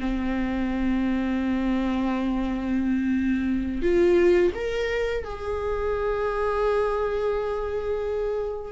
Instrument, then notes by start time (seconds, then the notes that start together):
viola
0.00 C4
3.82 F4
4.55 A#4
5.25 G#4